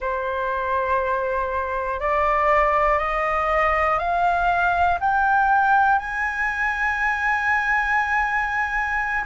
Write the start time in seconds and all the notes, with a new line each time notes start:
0.00 C5
2.00 D5
2.99 D#5
3.98 F5
5.00 G5
5.99 G#5